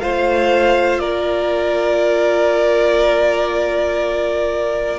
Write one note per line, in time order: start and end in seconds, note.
0.00 1.01 A3
0.00 5.00 F4
0.00 1.01 C5
0.00 1.00 F5
1.00 5.00 A#3
1.00 5.00 A#4
1.00 5.00 D5